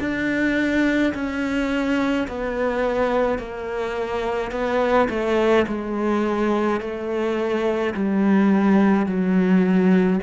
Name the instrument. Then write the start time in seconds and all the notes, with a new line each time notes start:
cello
0.00 D4
1.14 C#4
2.28 B3
3.39 A#3
4.51 B3
5.09 A3
5.68 G#3
6.80 A3
7.94 G3
9.06 F#3